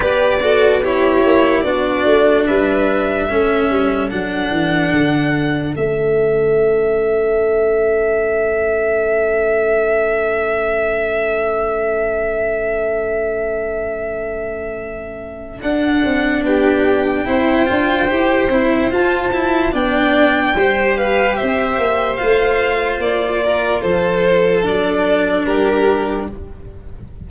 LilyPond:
<<
  \new Staff \with { instrumentName = "violin" } { \time 4/4 \tempo 4 = 73 d''4 cis''4 d''4 e''4~ | e''4 fis''2 e''4~ | e''1~ | e''1~ |
e''2. fis''4 | g''2. a''4 | g''4. f''8 e''4 f''4 | d''4 c''4 d''4 ais'4 | }
  \new Staff \with { instrumentName = "violin" } { \time 4/4 b'8 a'8 g'4 fis'4 b'4 | a'1~ | a'1~ | a'1~ |
a'1 | g'4 c''2. | d''4 c''8 b'8 c''2~ | c''8 ais'8 a'2 g'4 | }
  \new Staff \with { instrumentName = "cello" } { \time 4/4 g'8 fis'8 e'4 d'2 | cis'4 d'2 cis'4~ | cis'1~ | cis'1~ |
cis'2. d'4~ | d'4 e'8 f'8 g'8 e'8 f'8 e'8 | d'4 g'2 f'4~ | f'2 d'2 | }
  \new Staff \with { instrumentName = "tuba" } { \time 4/4 b4. ais8 b8 a8 g4 | a8 g8 fis8 e8 d4 a4~ | a1~ | a1~ |
a2. d'8 c'8 | b4 c'8 d'8 e'8 c'8 f'4 | b4 g4 c'8 ais8 a4 | ais4 f4 fis4 g4 | }
>>